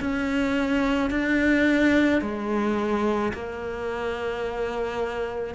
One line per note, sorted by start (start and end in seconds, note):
0.00 1.10 C#4
1.10 2.21 D4
2.21 3.32 G#3
3.33 5.55 A#3